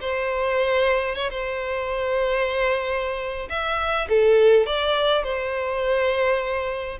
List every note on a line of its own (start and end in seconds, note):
0.00 1.15 C5
1.15 1.29 C#5
1.30 3.48 C5
3.49 4.07 E5
4.08 4.66 A4
4.66 5.23 D5
5.23 6.98 C5